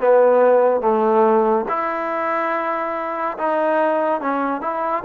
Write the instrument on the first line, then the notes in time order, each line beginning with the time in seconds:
trombone
0.00 B3
0.81 A3
1.69 E4
3.38 D#4
4.22 C#4
4.62 E4